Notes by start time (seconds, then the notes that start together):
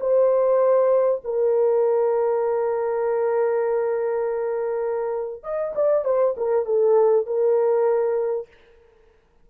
0.00 C5
1.24 A#4
5.43 D#5
5.75 D5
6.04 C5
6.37 A#4
6.65 A4
7.26 A#4